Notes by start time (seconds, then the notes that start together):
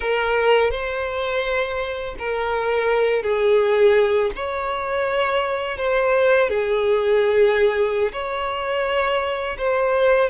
0.00 A#4
0.70 C5
2.18 A#4
3.22 G#4
4.35 C#5
5.77 C5
6.49 G#4
8.12 C#5
9.58 C5